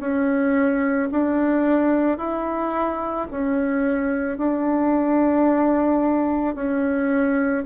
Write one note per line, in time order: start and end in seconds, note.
0.00 1.09 C#4
1.12 2.18 D4
2.18 3.27 E4
3.31 4.38 C#4
4.38 6.56 D4
6.56 7.65 C#4